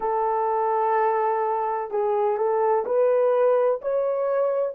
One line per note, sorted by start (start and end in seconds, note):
0.00 1.90 A4
1.90 2.37 G#4
2.37 2.84 A4
2.85 3.81 B4
3.81 4.74 C#5